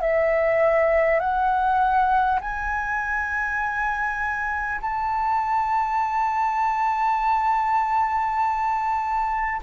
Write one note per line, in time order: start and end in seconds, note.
0.00 1.19 E5
1.19 2.39 F#5
2.41 4.81 G#5
4.81 9.61 A5